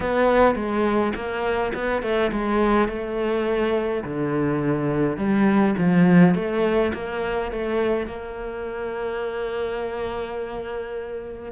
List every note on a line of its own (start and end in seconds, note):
0.00 0.55 B3
0.55 1.12 G#3
1.15 1.73 A#3
1.74 2.02 B3
2.02 2.31 A3
2.32 2.88 G#3
2.88 4.03 A3
4.04 5.17 D3
5.17 5.74 G3
5.77 6.34 F3
6.34 6.92 A3
6.93 7.51 A#3
7.51 8.06 A3
8.06 11.51 A#3